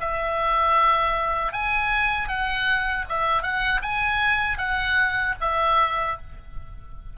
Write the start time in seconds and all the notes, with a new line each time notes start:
0.00 E5
1.52 G#5
2.28 F#5
3.09 E5
3.42 F#5
3.82 G#5
4.58 F#5
5.40 E5